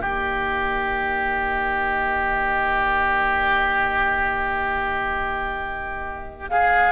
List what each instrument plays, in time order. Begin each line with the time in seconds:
0.00 bassoon D#3, clarinet A#3, oboe G4, flute D#5
6.49 oboe G#4, flute F5